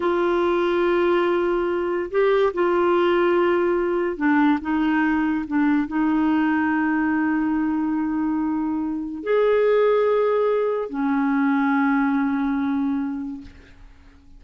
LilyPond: \new Staff \with { instrumentName = "clarinet" } { \time 4/4 \tempo 4 = 143 f'1~ | f'4 g'4 f'2~ | f'2 d'4 dis'4~ | dis'4 d'4 dis'2~ |
dis'1~ | dis'2 gis'2~ | gis'2 cis'2~ | cis'1 | }